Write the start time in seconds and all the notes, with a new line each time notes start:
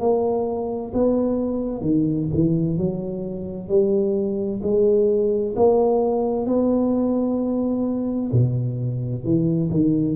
0.00 A#3
0.94 B3
1.81 D#3
2.34 E3
2.77 F#3
3.69 G3
4.62 G#3
5.56 A#3
6.46 B3
8.32 B2
9.24 E3
9.70 D#3